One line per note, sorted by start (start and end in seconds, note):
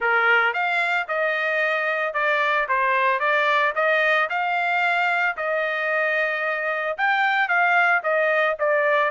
0.00 0.53 A#4
0.53 1.07 F5
1.08 2.13 D#5
2.13 2.67 D5
2.68 3.19 C5
3.19 3.73 D5
3.75 4.28 D#5
4.29 5.36 F5
5.36 6.97 D#5
6.97 7.48 G5
7.48 8.01 F5
8.03 8.56 D#5
8.59 9.10 D5